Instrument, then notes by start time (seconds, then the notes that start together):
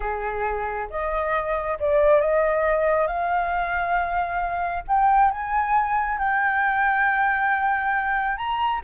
flute
0.00 G#4
0.89 D#5
1.79 D5
2.21 D#5
3.07 F5
4.87 G5
5.31 G#5
6.18 G5
8.37 A#5